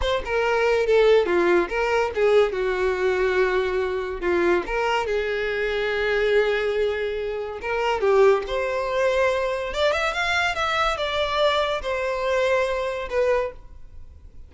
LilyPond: \new Staff \with { instrumentName = "violin" } { \time 4/4 \tempo 4 = 142 c''8 ais'4. a'4 f'4 | ais'4 gis'4 fis'2~ | fis'2 f'4 ais'4 | gis'1~ |
gis'2 ais'4 g'4 | c''2. d''8 e''8 | f''4 e''4 d''2 | c''2. b'4 | }